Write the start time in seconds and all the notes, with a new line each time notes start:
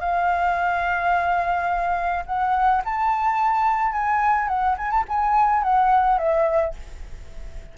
0.00 F5
2.26 F#5
2.85 A5
3.92 G#5
4.48 F#5
4.78 G#5
4.91 A5
5.08 G#5
5.63 F#5
6.18 E5